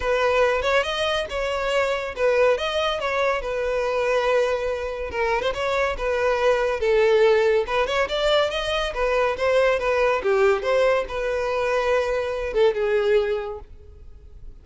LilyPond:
\new Staff \with { instrumentName = "violin" } { \time 4/4 \tempo 4 = 141 b'4. cis''8 dis''4 cis''4~ | cis''4 b'4 dis''4 cis''4 | b'1 | ais'8. c''16 cis''4 b'2 |
a'2 b'8 cis''8 d''4 | dis''4 b'4 c''4 b'4 | g'4 c''4 b'2~ | b'4. a'8 gis'2 | }